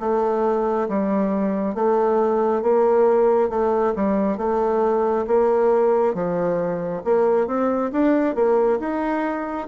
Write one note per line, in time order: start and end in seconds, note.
0.00 0.88 A3
0.89 1.74 G3
1.74 2.62 A3
2.62 3.49 A#3
3.49 3.93 A3
3.95 4.38 G3
4.38 5.26 A3
5.27 6.14 A#3
6.14 7.02 F3
7.04 7.47 A#3
7.47 7.91 C4
7.92 8.35 D4
8.35 8.79 A#3
8.80 9.67 D#4